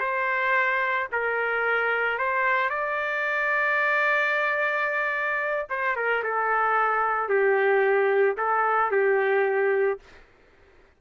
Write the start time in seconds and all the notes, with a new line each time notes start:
0.00 C5
1.12 A#4
2.19 C5
2.70 D5
5.70 C5
5.96 A#4
6.24 A4
7.29 G4
8.37 A4
8.91 G4